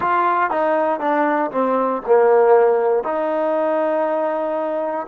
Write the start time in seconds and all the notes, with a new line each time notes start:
0.00 F4
0.50 D#4
0.99 D4
1.51 C4
2.06 A#3
3.03 D#4